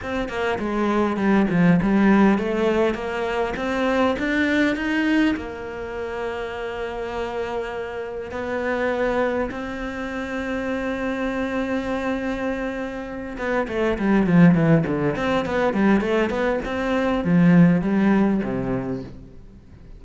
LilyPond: \new Staff \with { instrumentName = "cello" } { \time 4/4 \tempo 4 = 101 c'8 ais8 gis4 g8 f8 g4 | a4 ais4 c'4 d'4 | dis'4 ais2.~ | ais2 b2 |
c'1~ | c'2~ c'8 b8 a8 g8 | f8 e8 d8 c'8 b8 g8 a8 b8 | c'4 f4 g4 c4 | }